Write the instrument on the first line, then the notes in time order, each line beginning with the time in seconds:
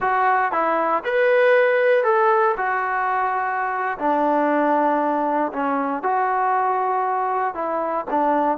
trombone
0.00 F#4
0.52 E4
1.04 B4
2.04 A4
2.57 F#4
3.98 D4
5.52 C#4
6.03 F#4
7.54 E4
8.10 D4